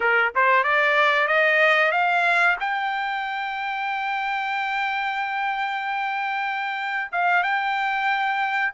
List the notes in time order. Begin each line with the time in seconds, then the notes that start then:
0.00 A#4
0.35 C5
0.63 D5
1.27 D#5
1.91 F5
2.60 G5
7.11 F5
7.43 G5